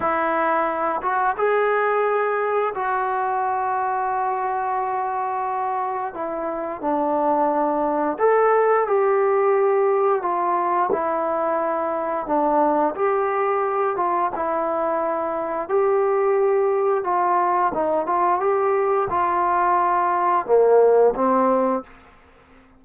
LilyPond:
\new Staff \with { instrumentName = "trombone" } { \time 4/4 \tempo 4 = 88 e'4. fis'8 gis'2 | fis'1~ | fis'4 e'4 d'2 | a'4 g'2 f'4 |
e'2 d'4 g'4~ | g'8 f'8 e'2 g'4~ | g'4 f'4 dis'8 f'8 g'4 | f'2 ais4 c'4 | }